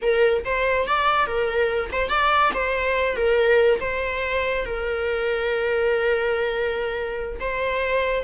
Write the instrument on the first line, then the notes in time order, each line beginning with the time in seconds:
viola
0.02 A#4
0.44 C5
0.87 D5
1.26 A#4
1.92 C5
2.09 D5
2.54 C5
3.16 A#4
3.80 C5
4.65 A#4
7.39 C5